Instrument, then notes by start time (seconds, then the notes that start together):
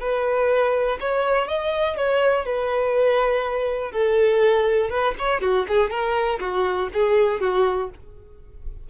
violin
0.00 B4
1.00 C#5
1.48 D#5
1.97 C#5
2.45 B4
3.92 A4
4.90 B4
5.19 C#5
5.41 F#4
5.68 G#4
5.90 A#4
6.40 F#4
6.93 G#4
7.41 F#4